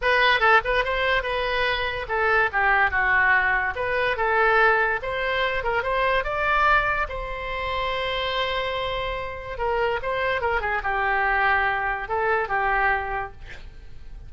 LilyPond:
\new Staff \with { instrumentName = "oboe" } { \time 4/4 \tempo 4 = 144 b'4 a'8 b'8 c''4 b'4~ | b'4 a'4 g'4 fis'4~ | fis'4 b'4 a'2 | c''4. ais'8 c''4 d''4~ |
d''4 c''2.~ | c''2. ais'4 | c''4 ais'8 gis'8 g'2~ | g'4 a'4 g'2 | }